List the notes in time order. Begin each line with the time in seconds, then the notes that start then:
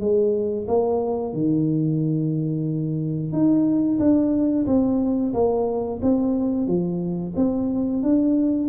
0.00 G#3
0.68 A#3
1.33 D#3
3.32 D#4
3.99 D4
4.66 C4
5.34 A#3
6.02 C4
6.67 F3
7.36 C4
8.03 D4